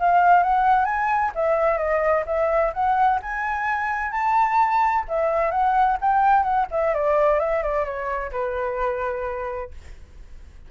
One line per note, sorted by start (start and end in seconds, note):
0.00 0.43 F5
0.43 0.85 F#5
0.85 1.32 G#5
1.36 1.78 E5
1.78 2.25 D#5
2.26 2.73 E5
2.74 3.20 F#5
3.23 4.12 G#5
4.12 5.05 A5
5.08 5.51 E5
5.51 5.98 F#5
6.01 6.43 G5
6.43 6.67 F#5
6.71 6.95 E5
6.95 7.40 D5
7.40 7.63 E5
7.63 7.85 D5
7.85 8.31 C#5
8.32 9.71 B4